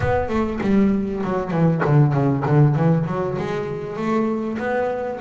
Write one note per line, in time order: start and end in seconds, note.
0.00 0.29 B3
0.29 0.59 A3
0.61 1.22 G3
1.23 1.51 F#3
1.51 1.81 E3
1.85 2.13 D3
2.13 2.43 C#3
2.45 2.75 D3
2.75 3.06 E3
3.06 3.37 F#3
3.38 3.96 G#3
3.96 4.58 A3
4.58 5.19 B3